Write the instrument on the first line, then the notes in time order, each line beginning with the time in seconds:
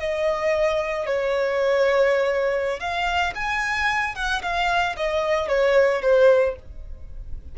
violin
0.00 D#5
1.06 C#5
2.80 F5
3.35 G#5
4.15 F#5
4.42 F5
4.97 D#5
5.48 C#5
6.02 C5